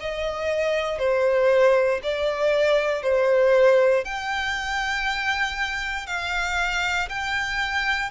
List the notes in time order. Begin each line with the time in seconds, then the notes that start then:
0.00 D#5
0.99 C5
2.03 D5
3.03 C5
4.04 G5
6.07 F5
7.09 G5